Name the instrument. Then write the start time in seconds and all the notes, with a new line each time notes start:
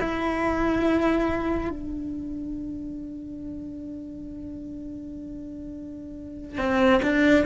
cello
0.00 E4
1.69 D4
6.58 C4
7.02 D4